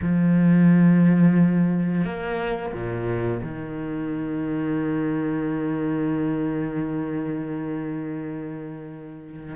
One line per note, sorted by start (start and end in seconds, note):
0.01 2.04 F3
2.04 2.72 A#3
2.73 3.41 A#2
3.42 9.55 D#3